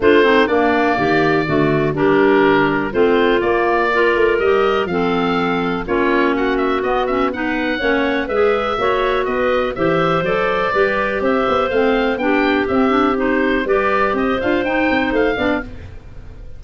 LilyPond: <<
  \new Staff \with { instrumentName = "oboe" } { \time 4/4 \tempo 4 = 123 c''4 d''2. | ais'2 c''4 d''4~ | d''4 dis''4 f''2 | cis''4 fis''8 e''8 dis''8 e''8 fis''4~ |
fis''4 e''2 dis''4 | e''4 d''2 e''4 | f''4 g''4 e''4 c''4 | d''4 dis''8 f''8 g''4 f''4 | }
  \new Staff \with { instrumentName = "clarinet" } { \time 4/4 f'8 dis'8 d'4 g'4 fis'4 | g'2 f'2 | ais'2 a'2 | f'4 fis'2 b'4 |
cis''4 b'4 cis''4 b'4 | c''2 b'4 c''4~ | c''4 g'2. | b'4 c''2~ c''8 d''8 | }
  \new Staff \with { instrumentName = "clarinet" } { \time 4/4 d'8 c'8 ais2 a4 | d'2 c'4 ais4 | f'4 g'4 c'2 | cis'2 b8 cis'8 dis'4 |
cis'4 gis'4 fis'2 | g'4 a'4 g'2 | c'4 d'4 c'8 d'8 dis'4 | g'4. f'8 dis'4. d'8 | }
  \new Staff \with { instrumentName = "tuba" } { \time 4/4 a4 ais4 dis4 d4 | g2 a4 ais4~ | ais8 a8 g4 f2 | ais2 b2 |
ais4 gis4 ais4 b4 | e4 fis4 g4 c'8 b8 | a4 b4 c'2 | g4 c'8 d'8 dis'8 c'8 a8 b8 | }
>>